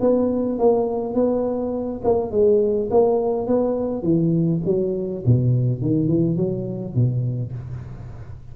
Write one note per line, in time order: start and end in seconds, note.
0.00 0.58 B3
0.58 1.14 A#3
1.14 2.01 B3
2.04 2.31 A#3
2.31 2.89 G#3
2.90 3.47 A#3
3.47 4.02 B3
4.02 4.60 E3
4.65 5.23 F#3
5.25 5.81 B2
5.81 6.07 D#3
6.07 6.37 E3
6.37 6.94 F#3
6.94 7.52 B2